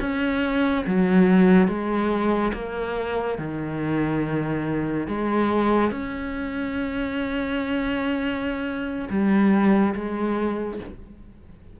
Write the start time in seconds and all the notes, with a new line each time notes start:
0.00 C#4
0.86 F#3
1.67 G#3
2.54 A#3
3.38 D#3
5.07 G#3
5.91 C#4
9.10 G3
9.95 G#3